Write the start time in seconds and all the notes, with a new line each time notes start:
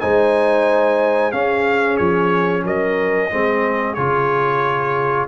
0.00 G#3 D#4 C5 G#5
1.32 C#4 G#4 F5
1.97 F3 C#5
2.64 F#3 A#4 D#5
3.30 G#3 C4 G#4
3.94 C#3 F4 C#5